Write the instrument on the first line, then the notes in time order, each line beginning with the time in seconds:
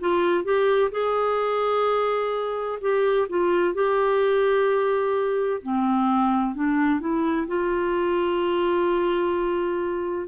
clarinet
0.00 F4
0.44 G4
0.91 G#4
2.81 G4
3.29 F4
3.74 G4
5.62 C4
6.55 D4
7.00 E4
7.47 F4